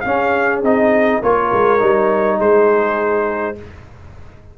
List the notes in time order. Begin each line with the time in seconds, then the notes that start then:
0.00 C#4 G#4 F5
0.62 C4 D#4 D#5
1.22 A#3 F4 A#4 C#5
1.52 G#3
1.79 G3 D#4
2.38 G#3 G#4 C5